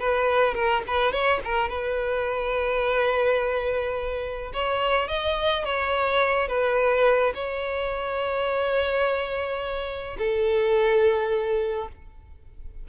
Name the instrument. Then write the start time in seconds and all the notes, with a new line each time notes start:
violin
0.00 B4
0.55 A#4
0.87 B4
1.12 C#5
1.45 A#4
1.69 B4
4.54 C#5
5.08 D#5
5.66 C#5
6.49 B4
7.35 C#5
10.19 A4